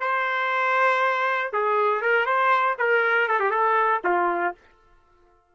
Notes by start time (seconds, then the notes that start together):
0.00 C5
1.53 G#4
2.01 A#4
2.26 C5
2.78 A#4
3.28 A4
3.40 G4
3.50 A4
4.04 F4